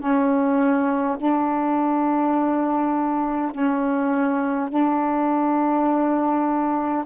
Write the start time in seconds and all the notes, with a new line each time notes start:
0.00 C#4
1.18 D4
3.52 C#4
4.70 D4